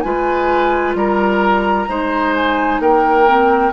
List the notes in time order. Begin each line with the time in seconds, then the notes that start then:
0.00 G#3 F4 B4 G#5
0.94 G3 A#4 A#5
1.87 G#3 D#4 C5
2.35 G#5
2.79 A#3 A#4 G5
3.26 C4